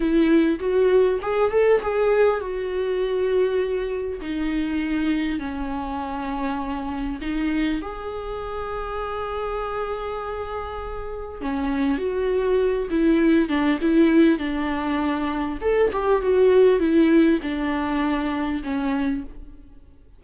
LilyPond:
\new Staff \with { instrumentName = "viola" } { \time 4/4 \tempo 4 = 100 e'4 fis'4 gis'8 a'8 gis'4 | fis'2. dis'4~ | dis'4 cis'2. | dis'4 gis'2.~ |
gis'2. cis'4 | fis'4. e'4 d'8 e'4 | d'2 a'8 g'8 fis'4 | e'4 d'2 cis'4 | }